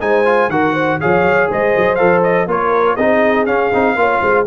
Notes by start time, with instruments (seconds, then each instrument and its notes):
0.00 tuba G#3, trombone D#4, horn C5, trumpet G#5
0.25 trombone F4
0.49 tuba D#3, trombone F#4, horn A#4, trumpet F#5
0.73 horn C5
1.00 tuba F3, trombone G#4, horn C#5, trumpet F5
1.23 tuba F#3
1.48 tuba G#3, horn C5, trumpet D#5
1.77 tuba F#3
1.95 tuba F3, trombone A4, trumpet F5
2.23 trumpet D#5
2.46 tuba A#3, trombone F4, horn A#4, trumpet C#5
2.96 tuba C4, trombone D#4, horn G#4, trumpet D#5
3.46 tuba C#4, trombone C#4, trumpet F5
3.73 tuba C4, trombone D#4
3.95 tuba A#3, trombone F4, horn C#5
4.21 tuba G#3, horn C5